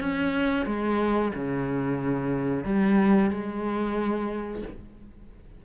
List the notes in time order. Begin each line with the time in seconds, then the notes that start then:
0.00 C#4
0.66 G#3
1.35 C#3
2.65 G3
3.31 G#3